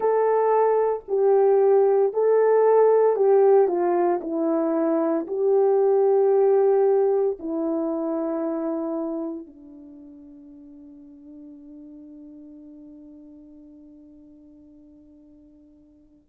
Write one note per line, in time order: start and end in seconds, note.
0.00 1.02 A4
1.08 2.13 G4
2.13 3.16 A4
3.16 3.67 G4
3.67 4.20 F4
4.21 5.26 E4
5.27 7.37 G4
7.39 9.46 E4
9.46 16.29 D4